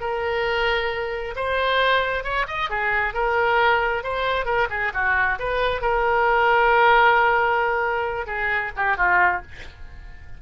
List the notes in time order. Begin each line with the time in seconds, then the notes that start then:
0.00 A#4
1.36 C5
2.23 C#5
2.47 D#5
2.69 G#4
3.13 A#4
4.03 C5
4.45 A#4
4.70 G#4
4.94 F#4
5.39 B4
5.81 A#4
8.26 G#4
8.76 G4
8.97 F4